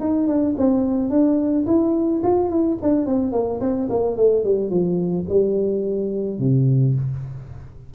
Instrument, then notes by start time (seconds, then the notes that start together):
tuba
0.00 D#4
0.27 D4
0.57 C4
1.10 D4
1.67 E4
2.24 F4
2.50 E4
2.82 D4
3.06 C4
3.32 A#3
3.61 C4
3.90 A#3
4.17 A3
4.44 G3
4.70 F3
5.29 G3
6.39 C3